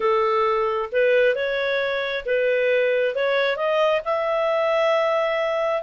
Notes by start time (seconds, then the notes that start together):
0.00 A4
0.92 B4
1.35 C#5
2.25 B4
3.15 C#5
3.56 D#5
4.05 E5